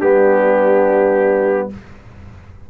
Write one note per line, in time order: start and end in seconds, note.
0.00 1.69 G3
0.00 1.70 B3
0.00 1.70 D4
0.00 1.68 G4